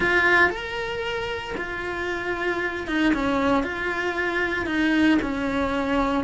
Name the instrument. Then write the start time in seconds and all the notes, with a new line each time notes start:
cello
0.00 F4
0.50 A#4
1.57 F4
2.87 D#4
3.13 C#4
3.63 F4
4.66 D#4
5.22 C#4